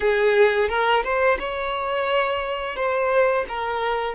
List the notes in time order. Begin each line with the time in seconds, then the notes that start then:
0.00 G#4
0.68 A#4
1.03 C5
1.39 C#5
2.76 C5
3.48 A#4